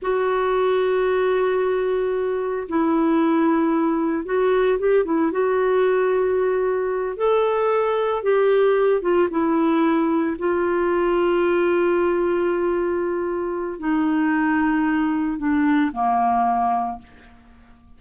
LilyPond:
\new Staff \with { instrumentName = "clarinet" } { \time 4/4 \tempo 4 = 113 fis'1~ | fis'4 e'2. | fis'4 g'8 e'8 fis'2~ | fis'4. a'2 g'8~ |
g'4 f'8 e'2 f'8~ | f'1~ | f'2 dis'2~ | dis'4 d'4 ais2 | }